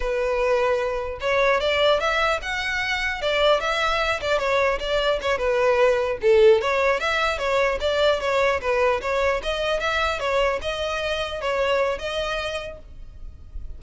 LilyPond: \new Staff \with { instrumentName = "violin" } { \time 4/4 \tempo 4 = 150 b'2. cis''4 | d''4 e''4 fis''2 | d''4 e''4. d''8 cis''4 | d''4 cis''8 b'2 a'8~ |
a'8 cis''4 e''4 cis''4 d''8~ | d''8 cis''4 b'4 cis''4 dis''8~ | dis''8 e''4 cis''4 dis''4.~ | dis''8 cis''4. dis''2 | }